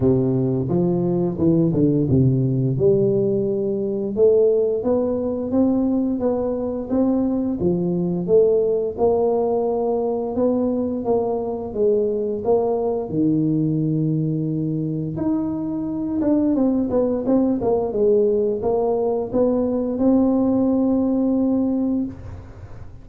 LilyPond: \new Staff \with { instrumentName = "tuba" } { \time 4/4 \tempo 4 = 87 c4 f4 e8 d8 c4 | g2 a4 b4 | c'4 b4 c'4 f4 | a4 ais2 b4 |
ais4 gis4 ais4 dis4~ | dis2 dis'4. d'8 | c'8 b8 c'8 ais8 gis4 ais4 | b4 c'2. | }